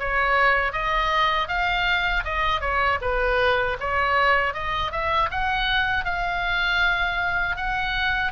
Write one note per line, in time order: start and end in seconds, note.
0.00 0.72 C#5
0.72 1.48 D#5
1.48 2.24 F5
2.24 2.61 D#5
2.61 2.99 C#5
3.02 3.78 B4
3.80 4.54 C#5
4.54 4.92 D#5
4.92 5.30 E5
5.31 6.05 F#5
6.05 7.57 F5
7.57 8.32 F#5